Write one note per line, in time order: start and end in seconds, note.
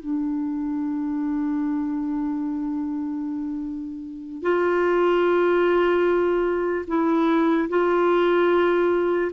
0.00 4.42 D4
4.42 6.86 F4
6.88 7.69 E4
7.70 9.32 F4